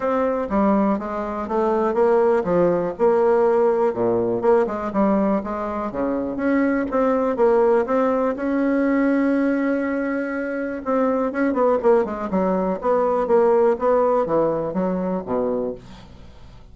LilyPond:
\new Staff \with { instrumentName = "bassoon" } { \time 4/4 \tempo 4 = 122 c'4 g4 gis4 a4 | ais4 f4 ais2 | ais,4 ais8 gis8 g4 gis4 | cis4 cis'4 c'4 ais4 |
c'4 cis'2.~ | cis'2 c'4 cis'8 b8 | ais8 gis8 fis4 b4 ais4 | b4 e4 fis4 b,4 | }